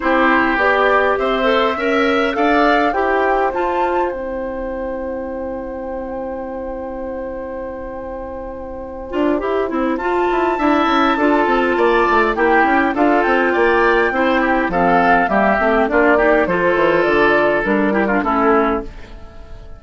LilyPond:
<<
  \new Staff \with { instrumentName = "flute" } { \time 4/4 \tempo 4 = 102 c''4 d''4 e''2 | f''4 g''4 a''4 g''4~ | g''1~ | g''1~ |
g''4 a''2.~ | a''4 g''4 f''8 g''4.~ | g''4 f''4 e''4 d''4 | c''4 d''4 ais'4 a'4 | }
  \new Staff \with { instrumentName = "oboe" } { \time 4/4 g'2 c''4 e''4 | d''4 c''2.~ | c''1~ | c''1~ |
c''2 e''4 a'4 | d''4 g'4 a'4 d''4 | c''8 g'8 a'4 g'4 f'8 g'8 | a'2~ a'8 g'16 f'16 e'4 | }
  \new Staff \with { instrumentName = "clarinet" } { \time 4/4 e'4 g'4. a'8 ais'4 | a'4 g'4 f'4 e'4~ | e'1~ | e'2.~ e'8 f'8 |
g'8 e'8 f'4 e'4 f'4~ | f'4 e'4 f'2 | e'4 c'4 ais8 c'8 d'8 dis'8 | f'2 d'8 e'16 d'16 cis'4 | }
  \new Staff \with { instrumentName = "bassoon" } { \time 4/4 c'4 b4 c'4 cis'4 | d'4 e'4 f'4 c'4~ | c'1~ | c'2.~ c'8 d'8 |
e'8 c'8 f'8 e'8 d'8 cis'8 d'8 c'8 | ais8 a8 ais8 cis'8 d'8 c'8 ais4 | c'4 f4 g8 a8 ais4 | f8 e8 d4 g4 a4 | }
>>